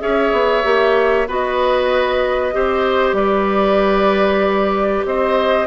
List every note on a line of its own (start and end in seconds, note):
0.00 0.32 C#4
0.00 0.63 G#4
0.00 1.27 C#5
0.00 1.27 E5
0.32 0.63 B3
0.63 1.27 A#3
0.63 1.26 G4
1.27 2.54 B3
1.27 2.52 F#4
1.27 2.54 B4
1.27 3.15 D#5
2.52 3.12 C4
2.52 5.67 G4
2.52 3.16 C5
3.12 5.02 G3
3.12 5.05 B4
3.12 5.04 D5
5.05 5.67 C4
5.05 5.67 C5
5.05 5.67 D#5